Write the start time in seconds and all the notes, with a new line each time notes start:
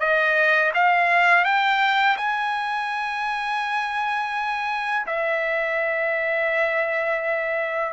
0.00 D#5
0.75 F5
1.45 G5
2.17 G#5
5.07 E5